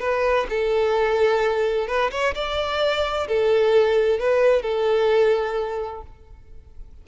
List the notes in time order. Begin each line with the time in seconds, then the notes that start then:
0.00 B4
0.50 A4
1.88 B4
2.11 C#5
2.35 D5
3.28 A4
4.20 B4
4.62 A4